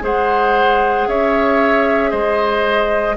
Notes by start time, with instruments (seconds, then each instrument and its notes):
0.00 bassoon G#3, clarinet G#4, oboe C5, flute F#5
1.07 bassoon C#4, oboe C#5, flute E5
2.10 bassoon G#3, oboe C5, flute D#5